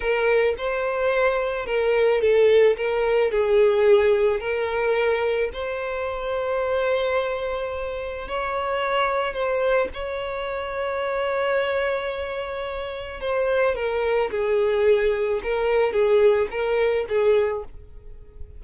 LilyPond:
\new Staff \with { instrumentName = "violin" } { \time 4/4 \tempo 4 = 109 ais'4 c''2 ais'4 | a'4 ais'4 gis'2 | ais'2 c''2~ | c''2. cis''4~ |
cis''4 c''4 cis''2~ | cis''1 | c''4 ais'4 gis'2 | ais'4 gis'4 ais'4 gis'4 | }